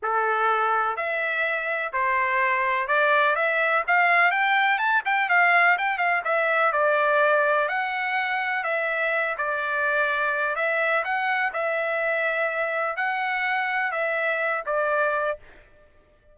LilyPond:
\new Staff \with { instrumentName = "trumpet" } { \time 4/4 \tempo 4 = 125 a'2 e''2 | c''2 d''4 e''4 | f''4 g''4 a''8 g''8 f''4 | g''8 f''8 e''4 d''2 |
fis''2 e''4. d''8~ | d''2 e''4 fis''4 | e''2. fis''4~ | fis''4 e''4. d''4. | }